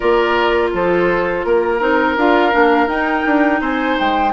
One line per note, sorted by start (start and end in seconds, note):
0.00 0.73 A#3
0.00 1.80 F4
0.00 0.70 A#4
0.00 0.70 D5
0.73 1.44 F3
0.73 1.46 A4
0.73 1.44 C5
1.44 1.80 A#3
1.44 2.16 A#4
1.44 3.60 A#4
1.80 2.17 C4
1.80 2.16 D#4
2.17 2.53 D4
2.17 2.51 F4
2.17 2.89 F5
2.51 2.86 A#3
2.51 2.87 D4
2.86 3.22 D#4
2.86 4.31 D#4
2.86 3.61 G5
3.26 3.60 D4
3.60 3.96 C4
3.60 4.32 C5
3.60 3.98 G#5
3.99 4.32 G#3
3.99 4.32 G5